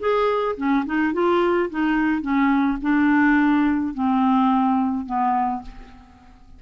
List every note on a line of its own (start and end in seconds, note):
0.00 0.56 G#4
0.57 0.85 C#4
0.86 1.14 D#4
1.14 1.70 F4
1.70 2.22 D#4
2.22 2.78 C#4
2.82 3.94 D4
3.95 5.06 C4
5.06 5.63 B3